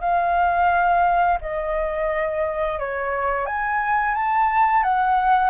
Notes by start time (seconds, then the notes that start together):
0.00 F5
1.41 D#5
2.79 C#5
3.45 G#5
4.14 A5
4.83 F#5